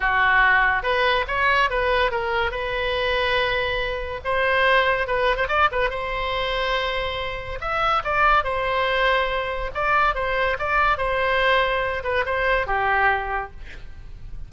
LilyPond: \new Staff \with { instrumentName = "oboe" } { \time 4/4 \tempo 4 = 142 fis'2 b'4 cis''4 | b'4 ais'4 b'2~ | b'2 c''2 | b'8. c''16 d''8 b'8 c''2~ |
c''2 e''4 d''4 | c''2. d''4 | c''4 d''4 c''2~ | c''8 b'8 c''4 g'2 | }